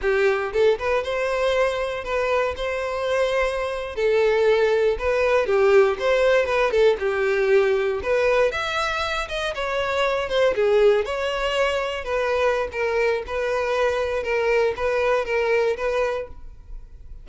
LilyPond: \new Staff \with { instrumentName = "violin" } { \time 4/4 \tempo 4 = 118 g'4 a'8 b'8 c''2 | b'4 c''2~ c''8. a'16~ | a'4.~ a'16 b'4 g'4 c''16~ | c''8. b'8 a'8 g'2 b'16~ |
b'8. e''4. dis''8 cis''4~ cis''16~ | cis''16 c''8 gis'4 cis''2 b'16~ | b'4 ais'4 b'2 | ais'4 b'4 ais'4 b'4 | }